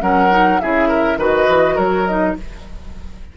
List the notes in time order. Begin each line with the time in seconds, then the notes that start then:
0.00 F#3 C#4 A#4 F#5
0.30 D#4
0.60 C#3 E4 G#4 E5
0.88 A#4
1.17 D#3 F#4 B4 D#5
1.49 E3
1.75 F#3 A#4 C#5
2.07 D#4 D#5